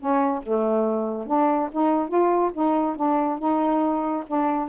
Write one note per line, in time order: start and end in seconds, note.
0.00 0.43 C#4
0.43 1.27 A3
1.27 1.70 D4
1.72 2.09 D#4
2.09 2.51 F4
2.54 2.96 D#4
2.96 3.39 D4
3.39 4.24 D#4
4.27 4.69 D4